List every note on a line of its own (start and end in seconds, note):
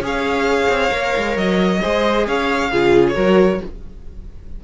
0.00 0.67 C#4
0.00 0.90 G#4
0.00 1.81 C#5
0.06 1.37 F5
0.69 0.91 C4
0.90 1.14 A#3
0.90 1.80 A#4
1.17 1.36 G#3
1.36 1.81 F#3
1.36 2.27 D#5
1.81 2.27 G#3
1.81 2.72 G#4
1.81 2.26 C5
2.27 2.71 C#4
2.27 2.71 C#5
2.27 3.06 F5
2.71 3.16 C#3
2.71 3.14 F4
2.71 3.15 G#4
3.08 3.64 C#5
3.14 3.60 F#3
3.14 3.59 F#4
3.14 3.60 A#4